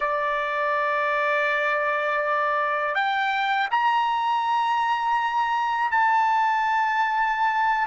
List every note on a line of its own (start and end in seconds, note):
0.00 2.94 D5
2.94 3.68 G5
3.70 5.91 A#5
5.91 7.87 A5